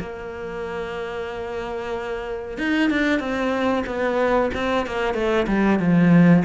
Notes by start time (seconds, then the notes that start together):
0.00 A#3
2.58 D#4
2.90 D4
3.19 C4
3.86 B3
4.54 C4
4.86 A#3
5.14 A3
5.47 G3
5.79 F3